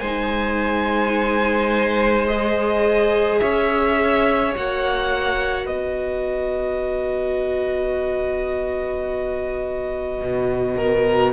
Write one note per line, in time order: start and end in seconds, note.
0.00 3.41 G#3
0.00 2.29 D#4
0.00 3.41 C5
0.00 2.26 G#5
2.27 4.55 G#4
2.27 3.40 D#5
3.40 4.55 C#4
3.40 5.65 C#5
3.40 4.53 E5
4.55 5.69 A#3
4.55 11.33 F#4
4.55 5.67 F#5
5.65 10.21 B3
5.65 10.75 B4
5.65 11.33 D#5
10.21 11.33 B2
10.77 11.33 A#4